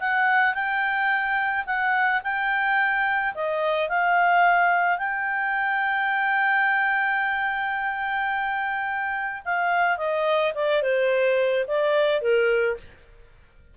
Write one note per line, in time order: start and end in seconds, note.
0.00 0.54 F#5
0.54 1.65 G5
1.66 2.22 F#5
2.23 3.35 G5
3.35 3.89 D#5
3.89 4.98 F5
4.98 9.43 G5
9.45 9.98 F5
9.98 10.53 D#5
10.55 10.83 D5
10.83 11.66 C5
11.68 12.22 D5
12.22 12.77 A#4